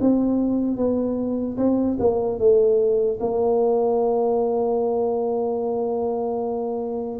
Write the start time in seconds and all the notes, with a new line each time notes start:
0.00 C4
0.77 B3
1.57 C4
1.99 A#3
2.39 A3
3.20 A#3